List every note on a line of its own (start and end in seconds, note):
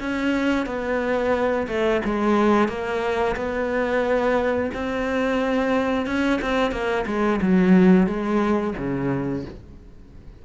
0.00 0.66 C#4
0.66 1.67 B3
1.67 2.01 A3
2.05 2.68 G#3
2.68 3.36 A#3
3.36 4.71 B3
4.74 6.06 C4
6.06 6.40 C#4
6.41 6.71 C4
6.71 7.05 A#3
7.06 7.40 G#3
7.42 8.07 F#3
8.07 8.74 G#3
8.77 9.45 C#3